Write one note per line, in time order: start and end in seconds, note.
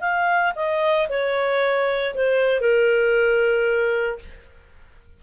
0.00 0.53 F5
0.56 1.08 D#5
1.09 2.14 C#5
2.14 2.60 C5
2.60 4.18 A#4